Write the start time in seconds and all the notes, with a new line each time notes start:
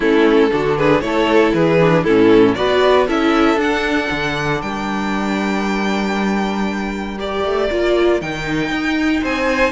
0.00 A3 C#4 E4 A4
0.51 D3 D4 F#4
0.76 G#4 B4
1.01 A3 E4 A4 C#5
1.53 E3 G#4 B4
1.80 D4
2.03 A2 C#4 E4 A4
2.54 B3 F#4 B4 D5
3.07 C#4 E4 A4 E5
3.57 D4 F#5
4.11 D3
4.61 G3 A#4 G5
7.18 G4 D5
7.44 A3
7.71 A#3 F4
8.21 D#3 D#4 G5
8.70 D#4
9.22 C4 C5 G#5